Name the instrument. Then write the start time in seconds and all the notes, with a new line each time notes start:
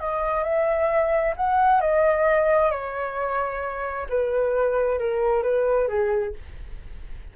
flute
0.00 D#5
0.44 E5
1.37 F#5
1.81 D#5
2.71 C#5
4.10 B4
4.99 A#4
5.43 B4
5.89 G#4